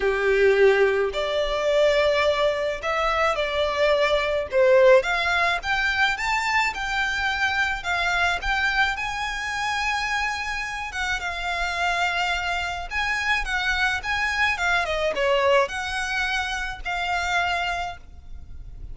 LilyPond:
\new Staff \with { instrumentName = "violin" } { \time 4/4 \tempo 4 = 107 g'2 d''2~ | d''4 e''4 d''2 | c''4 f''4 g''4 a''4 | g''2 f''4 g''4 |
gis''2.~ gis''8 fis''8 | f''2. gis''4 | fis''4 gis''4 f''8 dis''8 cis''4 | fis''2 f''2 | }